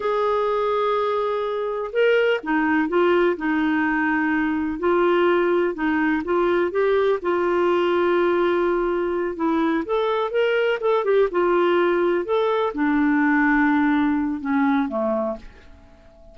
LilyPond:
\new Staff \with { instrumentName = "clarinet" } { \time 4/4 \tempo 4 = 125 gis'1 | ais'4 dis'4 f'4 dis'4~ | dis'2 f'2 | dis'4 f'4 g'4 f'4~ |
f'2.~ f'8 e'8~ | e'8 a'4 ais'4 a'8 g'8 f'8~ | f'4. a'4 d'4.~ | d'2 cis'4 a4 | }